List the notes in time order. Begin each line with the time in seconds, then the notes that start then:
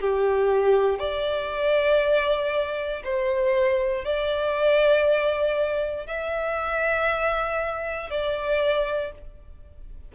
0.00 G4
0.99 D5
3.04 C5
4.04 D5
6.06 E5
8.10 D5